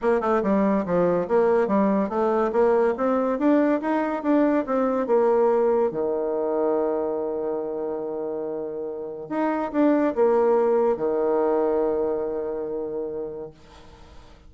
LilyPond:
\new Staff \with { instrumentName = "bassoon" } { \time 4/4 \tempo 4 = 142 ais8 a8 g4 f4 ais4 | g4 a4 ais4 c'4 | d'4 dis'4 d'4 c'4 | ais2 dis2~ |
dis1~ | dis2 dis'4 d'4 | ais2 dis2~ | dis1 | }